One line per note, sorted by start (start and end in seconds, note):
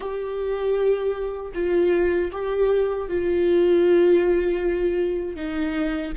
0.00 1.52 G4
1.54 2.31 F4
2.31 3.08 G4
3.08 5.35 F4
5.35 6.12 D#4